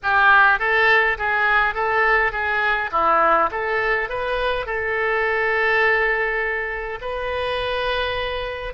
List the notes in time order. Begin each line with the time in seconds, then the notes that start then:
0.02 G4
0.59 A4
1.18 G#4
1.74 A4
2.31 G#4
2.91 E4
3.51 A4
4.09 B4
4.66 A4
7.01 B4